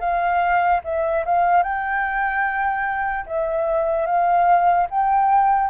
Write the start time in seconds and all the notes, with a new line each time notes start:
0.00 F5
0.84 E5
1.26 F5
1.64 G5
3.27 E5
4.07 F5
4.91 G5